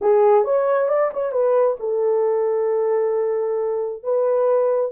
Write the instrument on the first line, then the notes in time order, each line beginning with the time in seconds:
horn
0.01 G#4
0.44 C#5
0.88 D5
1.13 C#5
1.31 B4
1.79 A4
4.03 B4